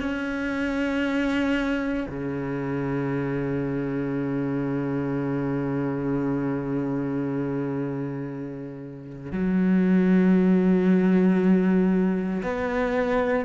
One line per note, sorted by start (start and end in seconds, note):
0.00 2.07 C#4
2.08 9.32 C#3
9.32 12.42 F#3
12.43 13.45 B3